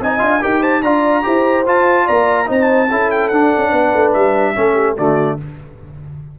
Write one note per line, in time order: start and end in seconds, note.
0.00 0.21 C4
0.00 0.19 D#4
0.00 0.42 D#5
0.00 0.43 G#5
0.19 0.42 D4
0.19 0.40 F4
0.41 0.83 D#4
0.41 0.83 G4
0.41 0.60 A#4
0.41 0.63 G5
0.60 0.81 C5
0.60 0.82 A5
0.82 1.25 D4
0.82 1.23 F4
0.82 1.25 D5
0.82 1.65 A#5
1.23 1.67 E4
1.23 1.64 G4
1.23 2.06 C5
1.67 2.47 F4
1.67 2.08 F4
1.67 2.08 A5
2.06 2.50 A#3
2.06 2.47 D5
2.06 2.49 A#5
2.47 2.91 C4
2.47 2.88 D#4
2.47 2.90 C5
2.47 3.11 A5
2.90 3.32 C#4
2.90 3.32 E4
2.90 3.71 A4
3.11 3.29 G5
3.29 3.53 D4
3.29 4.55 D4
3.29 4.11 F#5
3.57 3.72 C#4
3.71 3.93 B3
3.71 4.53 B4
3.94 4.15 A3
4.13 4.56 G3
4.13 4.96 E5
4.55 4.98 A3
4.55 4.96 C#4
4.55 4.74 A4
4.74 4.94 G4
4.97 5.39 D3
4.97 5.38 A3
4.97 5.39 F#4
4.97 5.39 D5